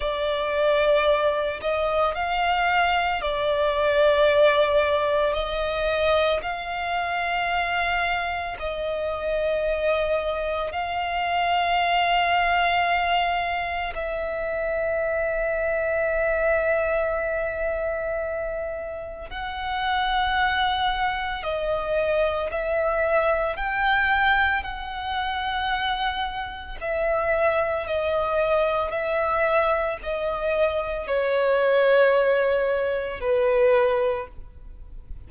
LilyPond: \new Staff \with { instrumentName = "violin" } { \time 4/4 \tempo 4 = 56 d''4. dis''8 f''4 d''4~ | d''4 dis''4 f''2 | dis''2 f''2~ | f''4 e''2.~ |
e''2 fis''2 | dis''4 e''4 g''4 fis''4~ | fis''4 e''4 dis''4 e''4 | dis''4 cis''2 b'4 | }